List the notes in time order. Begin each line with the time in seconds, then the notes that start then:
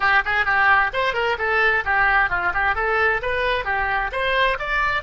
0.00 G4
0.25 G#4
0.45 G4
0.93 C5
1.13 A#4
1.38 A4
1.84 G4
2.29 F4
2.53 G4
2.75 A4
3.22 B4
3.65 G4
4.11 C5
4.59 D5